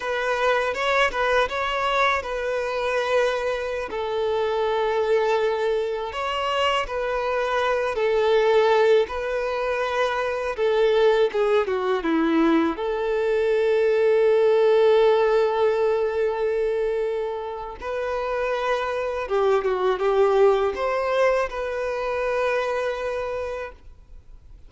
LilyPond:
\new Staff \with { instrumentName = "violin" } { \time 4/4 \tempo 4 = 81 b'4 cis''8 b'8 cis''4 b'4~ | b'4~ b'16 a'2~ a'8.~ | a'16 cis''4 b'4. a'4~ a'16~ | a'16 b'2 a'4 gis'8 fis'16~ |
fis'16 e'4 a'2~ a'8.~ | a'1 | b'2 g'8 fis'8 g'4 | c''4 b'2. | }